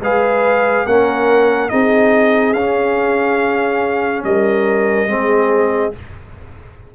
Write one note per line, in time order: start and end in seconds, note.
0.00 0.85 G#3
0.00 0.87 G#4
0.00 0.87 B4
0.00 0.86 F5
0.86 1.70 A#3
0.86 1.70 C#4
0.86 1.71 A#4
0.86 1.69 F#5
1.69 2.54 C4
1.69 2.54 D#4
1.69 4.24 G#4
1.69 2.53 D#5
2.53 4.23 C#4
2.53 5.08 C#4
2.53 4.22 F5
4.23 5.06 G3
4.23 5.10 A#4
4.23 5.93 D#5
5.06 5.91 G#3
5.06 5.92 C4
5.06 5.94 G#4